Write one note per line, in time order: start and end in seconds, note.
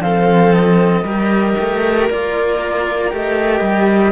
0.00 1.03 F3
0.00 1.05 C4
0.00 1.05 A4
0.00 0.53 F5
0.53 2.09 D#5
1.04 1.56 G3
1.04 2.10 G4
1.04 4.12 A#4
1.60 2.10 A3
2.10 3.13 A#3
2.10 3.11 F4
2.10 3.14 D5
3.11 3.61 A3
3.11 4.12 G4
3.11 4.12 D#5
3.61 4.12 G3